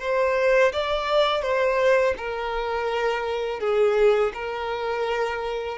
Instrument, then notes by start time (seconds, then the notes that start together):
violin
0.00 C5
0.72 D5
1.42 C5
2.17 A#4
3.59 G#4
4.34 A#4